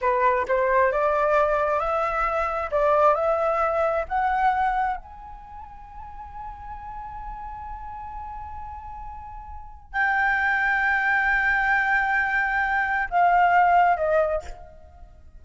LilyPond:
\new Staff \with { instrumentName = "flute" } { \time 4/4 \tempo 4 = 133 b'4 c''4 d''2 | e''2 d''4 e''4~ | e''4 fis''2 gis''4~ | gis''1~ |
gis''1~ | gis''2 g''2~ | g''1~ | g''4 f''2 dis''4 | }